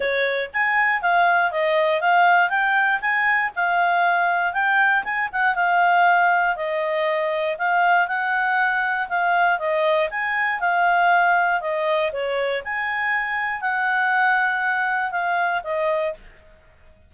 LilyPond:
\new Staff \with { instrumentName = "clarinet" } { \time 4/4 \tempo 4 = 119 cis''4 gis''4 f''4 dis''4 | f''4 g''4 gis''4 f''4~ | f''4 g''4 gis''8 fis''8 f''4~ | f''4 dis''2 f''4 |
fis''2 f''4 dis''4 | gis''4 f''2 dis''4 | cis''4 gis''2 fis''4~ | fis''2 f''4 dis''4 | }